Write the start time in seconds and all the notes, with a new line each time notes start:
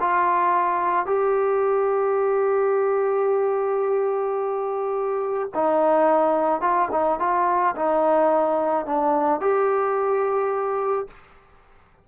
0.00 F4
1.06 G4
5.54 D#4
6.61 F4
6.91 D#4
7.19 F4
7.76 D#4
8.86 D4
9.40 G4